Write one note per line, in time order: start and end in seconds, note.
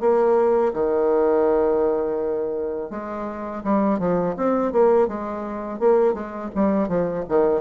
0.00 0.72 A#3
0.73 2.90 D#3
2.90 3.62 G#3
3.63 3.99 G3
3.99 4.35 F3
4.36 4.72 C4
4.72 5.07 A#3
5.07 5.79 G#3
5.79 6.13 A#3
6.13 6.50 G#3
6.55 6.88 G3
6.88 7.24 F3
7.28 7.61 D#3